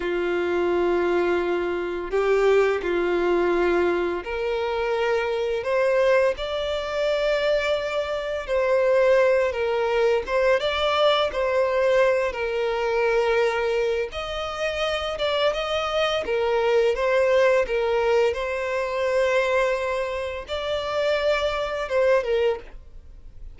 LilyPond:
\new Staff \with { instrumentName = "violin" } { \time 4/4 \tempo 4 = 85 f'2. g'4 | f'2 ais'2 | c''4 d''2. | c''4. ais'4 c''8 d''4 |
c''4. ais'2~ ais'8 | dis''4. d''8 dis''4 ais'4 | c''4 ais'4 c''2~ | c''4 d''2 c''8 ais'8 | }